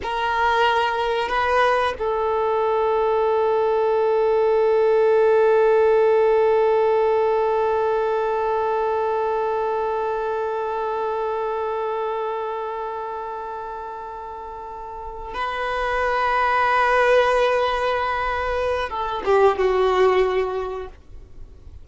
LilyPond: \new Staff \with { instrumentName = "violin" } { \time 4/4 \tempo 4 = 92 ais'2 b'4 a'4~ | a'1~ | a'1~ | a'1~ |
a'1~ | a'2.~ a'8 b'8~ | b'1~ | b'4 a'8 g'8 fis'2 | }